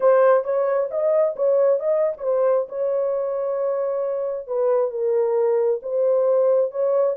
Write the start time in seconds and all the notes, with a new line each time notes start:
0.00 C5
0.44 C#5
0.90 D#5
1.36 C#5
1.79 D#5
2.17 C5 C#5
2.69 C#5
4.47 B4
4.90 A#4
5.82 C5
6.71 C#5